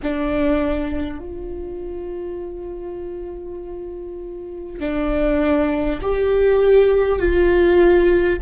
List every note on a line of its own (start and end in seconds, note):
0.02 1.19 D4
1.19 4.79 F4
4.79 5.99 D4
6.01 7.19 G4
7.19 8.39 F4